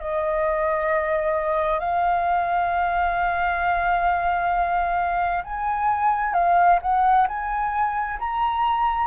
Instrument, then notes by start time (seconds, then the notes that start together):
flute
0.00 D#5
1.79 F5
5.44 G#5
6.33 F5
6.82 F#5
7.28 G#5
8.19 A#5